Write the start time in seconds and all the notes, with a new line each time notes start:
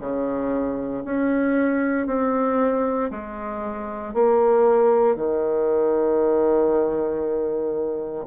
0.00 C#3
1.05 C#4
2.07 C4
3.11 G#3
4.14 A#3
5.16 D#3